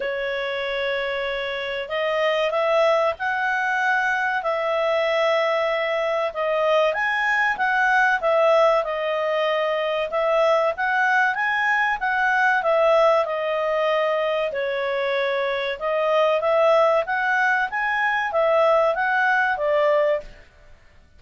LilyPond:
\new Staff \with { instrumentName = "clarinet" } { \time 4/4 \tempo 4 = 95 cis''2. dis''4 | e''4 fis''2 e''4~ | e''2 dis''4 gis''4 | fis''4 e''4 dis''2 |
e''4 fis''4 gis''4 fis''4 | e''4 dis''2 cis''4~ | cis''4 dis''4 e''4 fis''4 | gis''4 e''4 fis''4 d''4 | }